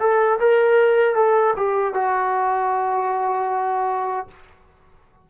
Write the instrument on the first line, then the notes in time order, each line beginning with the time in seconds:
trombone
0.00 A4
0.40 A#4
1.15 A4
1.57 G4
1.94 F#4